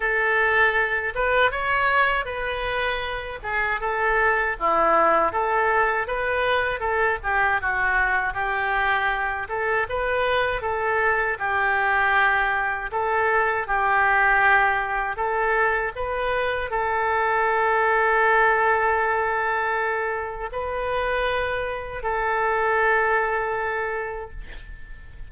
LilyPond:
\new Staff \with { instrumentName = "oboe" } { \time 4/4 \tempo 4 = 79 a'4. b'8 cis''4 b'4~ | b'8 gis'8 a'4 e'4 a'4 | b'4 a'8 g'8 fis'4 g'4~ | g'8 a'8 b'4 a'4 g'4~ |
g'4 a'4 g'2 | a'4 b'4 a'2~ | a'2. b'4~ | b'4 a'2. | }